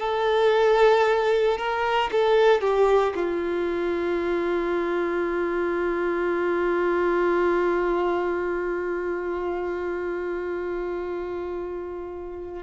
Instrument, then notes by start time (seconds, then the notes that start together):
violin
0.00 A4
1.58 A#4
2.12 A4
2.61 G4
3.16 F4